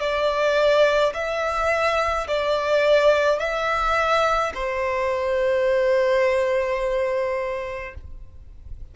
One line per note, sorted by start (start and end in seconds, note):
0.00 1.13 D5
1.14 2.27 E5
2.27 3.39 D5
3.39 4.52 E5
4.54 7.94 C5